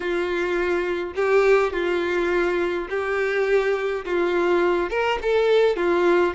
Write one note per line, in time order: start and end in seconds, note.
0.00 1.13 F4
1.15 1.72 G4
1.72 2.88 F4
2.89 4.05 G4
4.05 4.90 F4
4.90 5.18 A#4
5.22 5.76 A4
5.76 6.34 F4